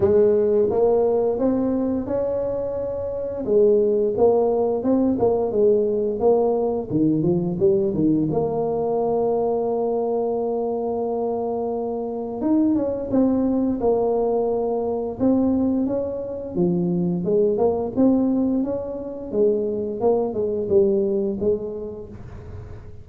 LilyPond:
\new Staff \with { instrumentName = "tuba" } { \time 4/4 \tempo 4 = 87 gis4 ais4 c'4 cis'4~ | cis'4 gis4 ais4 c'8 ais8 | gis4 ais4 dis8 f8 g8 dis8 | ais1~ |
ais2 dis'8 cis'8 c'4 | ais2 c'4 cis'4 | f4 gis8 ais8 c'4 cis'4 | gis4 ais8 gis8 g4 gis4 | }